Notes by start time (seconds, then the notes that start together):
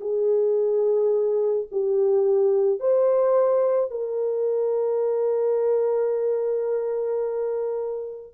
0.00 G#4
1.71 G4
2.79 C5
3.90 A#4